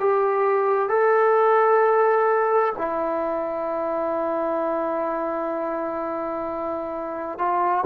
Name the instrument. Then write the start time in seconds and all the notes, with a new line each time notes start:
trombone
0.00 G4
0.89 A4
2.78 E4
7.38 F4